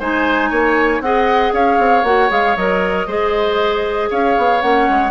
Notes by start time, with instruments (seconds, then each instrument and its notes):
0.00 bassoon G#3, clarinet D#4, oboe C5, flute G#5
0.50 bassoon A#3, oboe C#5
1.01 bassoon C4, clarinet G#4, oboe D#5, flute F#5
1.54 bassoon C#4, oboe C#5, flute F5
1.79 bassoon C4
2.04 bassoon A#3, clarinet F#4, flute F#5
2.29 bassoon G#3, clarinet G#4, flute F5
2.57 bassoon F#3, clarinet A#4, flute D#5
3.07 bassoon G#3, clarinet G#4, oboe C5
4.11 bassoon C#4, oboe C#5, flute F5
4.37 bassoon B3
4.62 bassoon A#3, clarinet C#4, flute F#5
4.90 bassoon G#3